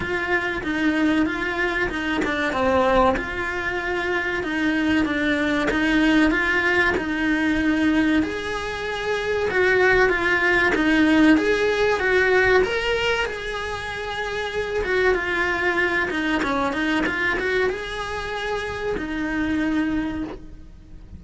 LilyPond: \new Staff \with { instrumentName = "cello" } { \time 4/4 \tempo 4 = 95 f'4 dis'4 f'4 dis'8 d'8 | c'4 f'2 dis'4 | d'4 dis'4 f'4 dis'4~ | dis'4 gis'2 fis'4 |
f'4 dis'4 gis'4 fis'4 | ais'4 gis'2~ gis'8 fis'8 | f'4. dis'8 cis'8 dis'8 f'8 fis'8 | gis'2 dis'2 | }